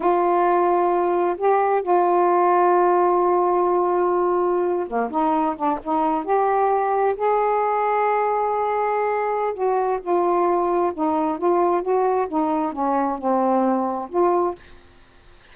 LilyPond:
\new Staff \with { instrumentName = "saxophone" } { \time 4/4 \tempo 4 = 132 f'2. g'4 | f'1~ | f'2~ f'8. ais8 dis'8.~ | dis'16 d'8 dis'4 g'2 gis'16~ |
gis'1~ | gis'4 fis'4 f'2 | dis'4 f'4 fis'4 dis'4 | cis'4 c'2 f'4 | }